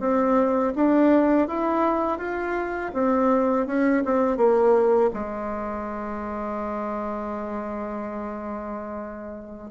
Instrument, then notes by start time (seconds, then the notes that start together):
bassoon
0.00 C4
0.76 D4
1.48 E4
2.19 F4
2.93 C4
3.67 C#4
4.05 C4
4.37 A#3
5.14 G#3